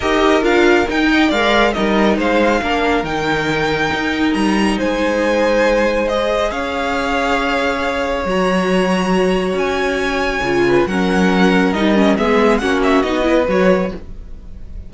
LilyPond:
<<
  \new Staff \with { instrumentName = "violin" } { \time 4/4 \tempo 4 = 138 dis''4 f''4 g''4 f''4 | dis''4 f''2 g''4~ | g''2 ais''4 gis''4~ | gis''2 dis''4 f''4~ |
f''2. ais''4~ | ais''2 gis''2~ | gis''4 fis''2 dis''4 | e''4 fis''8 e''8 dis''4 cis''4 | }
  \new Staff \with { instrumentName = "violin" } { \time 4/4 ais'2~ ais'8 dis''8 d''4 | ais'4 c''4 ais'2~ | ais'2. c''4~ | c''2. cis''4~ |
cis''1~ | cis''1~ | cis''8 b'8 ais'2. | gis'4 fis'4. b'4. | }
  \new Staff \with { instrumentName = "viola" } { \time 4/4 g'4 f'4 dis'4 ais'4 | dis'2 d'4 dis'4~ | dis'1~ | dis'2 gis'2~ |
gis'2. fis'4~ | fis'1 | f'4 cis'2 dis'8 cis'8 | b4 cis'4 dis'8 e'8 fis'4 | }
  \new Staff \with { instrumentName = "cello" } { \time 4/4 dis'4 d'4 dis'4 gis4 | g4 gis4 ais4 dis4~ | dis4 dis'4 g4 gis4~ | gis2. cis'4~ |
cis'2. fis4~ | fis2 cis'2 | cis4 fis2 g4 | gis4 ais4 b4 fis4 | }
>>